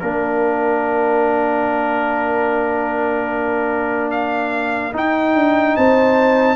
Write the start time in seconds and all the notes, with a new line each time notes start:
0.00 A#3 D4 A#4
4.11 F5
4.93 D#4 G5
5.35 D4
5.77 C4 C5 A5